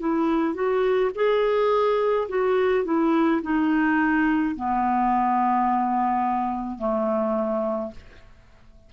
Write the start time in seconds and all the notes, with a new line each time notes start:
0.00 E4
0.55 F#4
1.16 G#4
2.29 F#4
2.85 E4
3.43 D#4
4.56 B3
6.79 A3